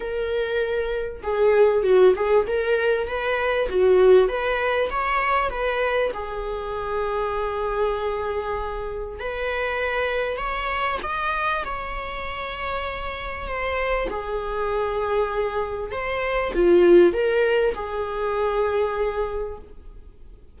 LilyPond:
\new Staff \with { instrumentName = "viola" } { \time 4/4 \tempo 4 = 98 ais'2 gis'4 fis'8 gis'8 | ais'4 b'4 fis'4 b'4 | cis''4 b'4 gis'2~ | gis'2. b'4~ |
b'4 cis''4 dis''4 cis''4~ | cis''2 c''4 gis'4~ | gis'2 c''4 f'4 | ais'4 gis'2. | }